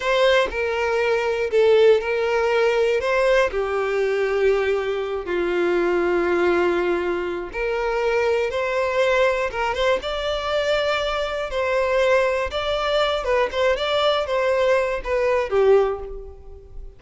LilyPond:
\new Staff \with { instrumentName = "violin" } { \time 4/4 \tempo 4 = 120 c''4 ais'2 a'4 | ais'2 c''4 g'4~ | g'2~ g'8 f'4.~ | f'2. ais'4~ |
ais'4 c''2 ais'8 c''8 | d''2. c''4~ | c''4 d''4. b'8 c''8 d''8~ | d''8 c''4. b'4 g'4 | }